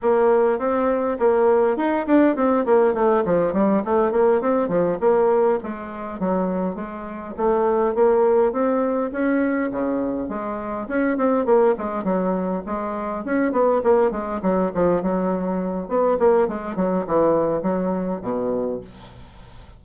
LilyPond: \new Staff \with { instrumentName = "bassoon" } { \time 4/4 \tempo 4 = 102 ais4 c'4 ais4 dis'8 d'8 | c'8 ais8 a8 f8 g8 a8 ais8 c'8 | f8 ais4 gis4 fis4 gis8~ | gis8 a4 ais4 c'4 cis'8~ |
cis'8 cis4 gis4 cis'8 c'8 ais8 | gis8 fis4 gis4 cis'8 b8 ais8 | gis8 fis8 f8 fis4. b8 ais8 | gis8 fis8 e4 fis4 b,4 | }